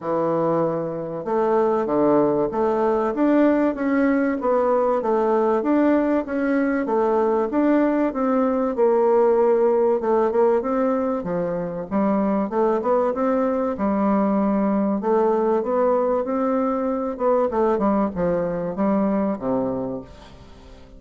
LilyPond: \new Staff \with { instrumentName = "bassoon" } { \time 4/4 \tempo 4 = 96 e2 a4 d4 | a4 d'4 cis'4 b4 | a4 d'4 cis'4 a4 | d'4 c'4 ais2 |
a8 ais8 c'4 f4 g4 | a8 b8 c'4 g2 | a4 b4 c'4. b8 | a8 g8 f4 g4 c4 | }